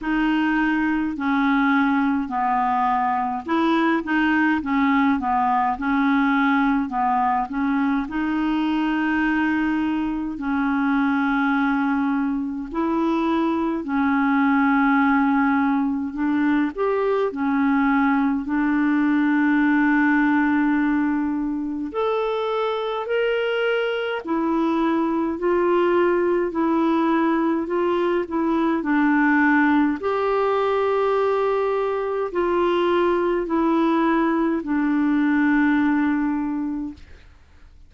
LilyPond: \new Staff \with { instrumentName = "clarinet" } { \time 4/4 \tempo 4 = 52 dis'4 cis'4 b4 e'8 dis'8 | cis'8 b8 cis'4 b8 cis'8 dis'4~ | dis'4 cis'2 e'4 | cis'2 d'8 g'8 cis'4 |
d'2. a'4 | ais'4 e'4 f'4 e'4 | f'8 e'8 d'4 g'2 | f'4 e'4 d'2 | }